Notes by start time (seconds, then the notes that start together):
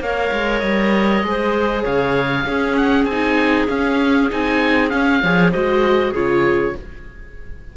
0.00 A#3 A#4 C#5 F5
0.32 G#3
0.59 G3 D#5
1.23 G#3 G#4 C5
1.82 C#3 C#5 F5
2.45 C#4 G#4
2.77 F#5
3.05 C4 G#5
3.12 D#4
3.68 C#4 F5
4.30 C4 D#4 G#5
4.90 C#4 F5
5.22 F3 G#4 C#5
5.51 G#3 F#4 C5 D#5
6.11 C#3 F4 G#4 C#5